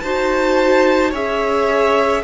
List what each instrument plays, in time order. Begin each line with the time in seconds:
0.00 cello D#4, viola F#4, violin C5 A5
1.11 cello C#4, viola G#4, violin C#5 E5